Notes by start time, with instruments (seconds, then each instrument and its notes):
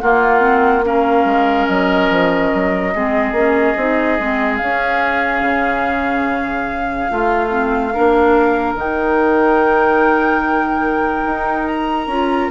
0.00 clarinet A#3, bassoon A#3, oboe F4, flute F#5
0.40 clarinet C4
0.85 clarinet C#4, oboe A#4, flute F5
1.25 bassoon G#3
1.67 bassoon F#3, flute D#5
2.10 bassoon F3
2.54 bassoon F#3
2.94 bassoon G#3, clarinet C4, oboe G#4
3.32 bassoon A#3, clarinet C#4
3.77 bassoon C4, clarinet D#4
4.19 bassoon G#3, clarinet C4
4.57 clarinet C#4, bassoon C#4, flute F5
5.42 bassoon C#3
7.10 bassoon A3, clarinet F4, oboe F4
7.50 clarinet C4
7.94 bassoon A#3, clarinet D4, oboe A#4
8.75 bassoon D#3, clarinet D#4, flute G5
11.26 bassoon D#4
11.68 flute A#5
12.07 bassoon C#4, clarinet F4